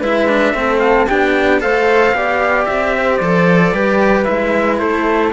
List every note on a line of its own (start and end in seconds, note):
0.00 0.53 G#3
0.00 0.29 E4
0.00 0.53 B4
0.00 0.80 E5
0.29 0.55 D4
0.53 1.06 A3
0.53 1.08 C4
0.53 1.08 A4
0.80 1.06 F5
1.08 1.64 B3
1.08 1.61 D4
1.08 1.61 G4
1.08 1.62 G5
1.61 2.13 A3
1.61 2.14 A4
1.61 2.17 C5
1.61 2.66 F5
2.13 2.67 B3
2.13 3.21 G4
2.13 2.97 D5
2.66 3.21 C4
2.66 3.17 E5
2.97 3.74 C5
3.17 3.73 F3
3.17 3.75 A4
3.17 4.23 D5
3.73 4.26 G3
3.73 4.26 G4
3.73 4.80 B4
4.25 4.82 G#3
4.25 5.32 E4
4.25 4.78 E5
4.79 5.33 A3
4.79 5.33 A4
4.79 5.33 C5